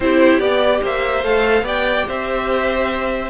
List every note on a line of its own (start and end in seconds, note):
0.00 0.39 C4
0.00 0.41 E4
0.00 0.81 G4
0.00 0.39 C5
0.39 0.80 B3
0.39 1.23 G4
0.39 0.81 D5
0.81 1.24 A#3
0.81 1.64 C5
0.81 1.24 E5
1.24 1.61 A3
1.24 1.63 A4
1.24 1.66 F5
1.61 2.03 B3
1.61 3.29 G4
1.61 2.05 D5
1.61 2.08 G5
2.07 3.29 C4
2.07 3.29 C5
2.07 3.29 E5